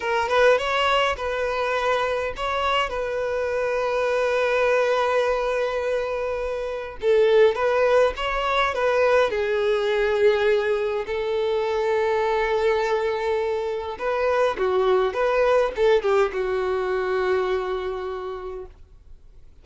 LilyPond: \new Staff \with { instrumentName = "violin" } { \time 4/4 \tempo 4 = 103 ais'8 b'8 cis''4 b'2 | cis''4 b'2.~ | b'1 | a'4 b'4 cis''4 b'4 |
gis'2. a'4~ | a'1 | b'4 fis'4 b'4 a'8 g'8 | fis'1 | }